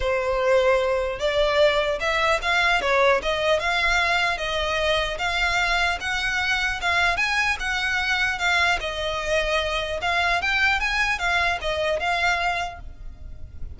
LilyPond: \new Staff \with { instrumentName = "violin" } { \time 4/4 \tempo 4 = 150 c''2. d''4~ | d''4 e''4 f''4 cis''4 | dis''4 f''2 dis''4~ | dis''4 f''2 fis''4~ |
fis''4 f''4 gis''4 fis''4~ | fis''4 f''4 dis''2~ | dis''4 f''4 g''4 gis''4 | f''4 dis''4 f''2 | }